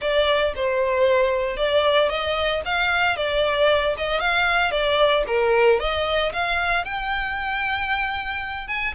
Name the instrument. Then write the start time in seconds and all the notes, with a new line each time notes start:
violin
0.01 D5
0.55 C5
1.56 D5
2.09 D#5
2.65 F5
3.16 D5
3.97 D#5
4.20 F5
4.71 D5
5.27 A#4
5.79 D#5
6.32 F5
6.84 G5
8.67 G#5